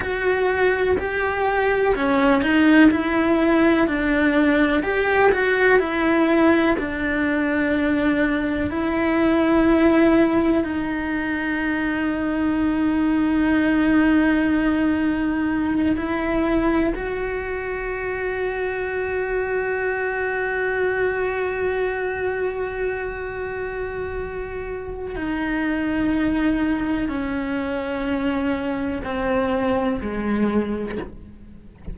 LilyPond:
\new Staff \with { instrumentName = "cello" } { \time 4/4 \tempo 4 = 62 fis'4 g'4 cis'8 dis'8 e'4 | d'4 g'8 fis'8 e'4 d'4~ | d'4 e'2 dis'4~ | dis'1~ |
dis'8 e'4 fis'2~ fis'8~ | fis'1~ | fis'2 dis'2 | cis'2 c'4 gis4 | }